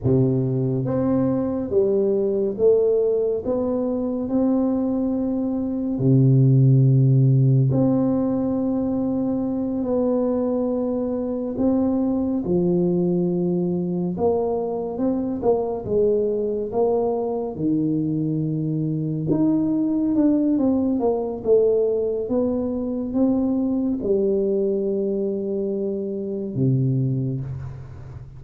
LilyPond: \new Staff \with { instrumentName = "tuba" } { \time 4/4 \tempo 4 = 70 c4 c'4 g4 a4 | b4 c'2 c4~ | c4 c'2~ c'8 b8~ | b4. c'4 f4.~ |
f8 ais4 c'8 ais8 gis4 ais8~ | ais8 dis2 dis'4 d'8 | c'8 ais8 a4 b4 c'4 | g2. c4 | }